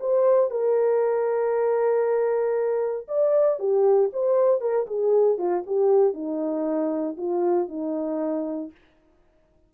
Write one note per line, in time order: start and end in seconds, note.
0.00 0.50 C5
0.50 3.07 A#4
3.08 3.59 D5
3.59 4.10 G4
4.13 4.61 C5
4.61 4.86 A#4
4.87 5.38 G#4
5.38 5.64 F4
5.66 6.14 G4
6.14 7.16 D#4
7.17 7.69 F4
7.69 8.71 D#4